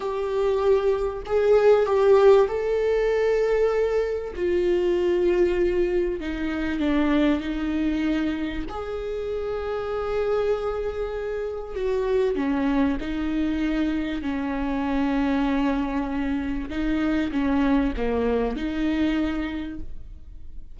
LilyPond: \new Staff \with { instrumentName = "viola" } { \time 4/4 \tempo 4 = 97 g'2 gis'4 g'4 | a'2. f'4~ | f'2 dis'4 d'4 | dis'2 gis'2~ |
gis'2. fis'4 | cis'4 dis'2 cis'4~ | cis'2. dis'4 | cis'4 ais4 dis'2 | }